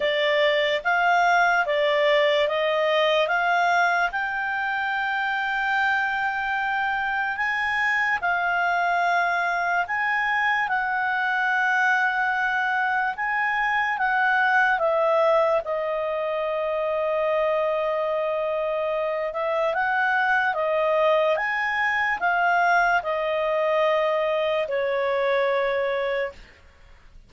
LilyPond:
\new Staff \with { instrumentName = "clarinet" } { \time 4/4 \tempo 4 = 73 d''4 f''4 d''4 dis''4 | f''4 g''2.~ | g''4 gis''4 f''2 | gis''4 fis''2. |
gis''4 fis''4 e''4 dis''4~ | dis''2.~ dis''8 e''8 | fis''4 dis''4 gis''4 f''4 | dis''2 cis''2 | }